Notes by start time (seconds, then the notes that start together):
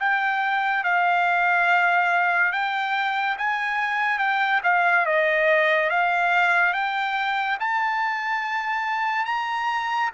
0.00 G5
0.84 F5
2.53 G5
3.38 G#5
4.19 G5
4.64 F5
5.06 D#5
5.90 F5
6.74 G5
7.61 A5
9.26 A#5